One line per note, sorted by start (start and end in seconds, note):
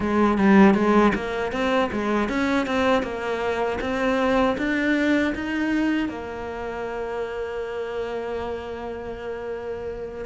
0.00 0.38 G#3
0.38 0.74 G3
0.74 1.12 G#3
1.14 1.52 A#3
1.52 1.90 C4
1.92 2.29 G#3
2.29 2.66 C#4
2.66 3.02 C4
3.02 3.78 A#3
3.80 4.56 C4
4.57 5.33 D4
5.34 6.08 D#4
6.08 10.25 A#3